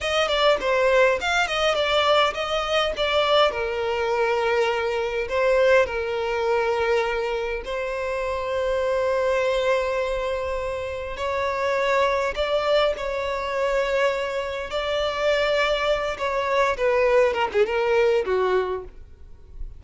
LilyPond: \new Staff \with { instrumentName = "violin" } { \time 4/4 \tempo 4 = 102 dis''8 d''8 c''4 f''8 dis''8 d''4 | dis''4 d''4 ais'2~ | ais'4 c''4 ais'2~ | ais'4 c''2.~ |
c''2. cis''4~ | cis''4 d''4 cis''2~ | cis''4 d''2~ d''8 cis''8~ | cis''8 b'4 ais'16 gis'16 ais'4 fis'4 | }